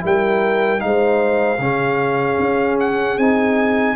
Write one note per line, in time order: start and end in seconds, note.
0.00 0.83 G3
0.00 0.79 E4
0.00 0.83 A#4
0.06 0.81 G5
0.79 1.58 G#3
0.79 1.58 D#4
0.79 2.78 F5
0.85 1.62 C5
1.58 2.37 C#3
1.58 3.19 C#4
1.58 3.96 G#4
2.39 3.18 C#4
2.80 3.18 F#5
3.18 3.96 C4
3.18 3.96 D#4
3.18 3.96 G#5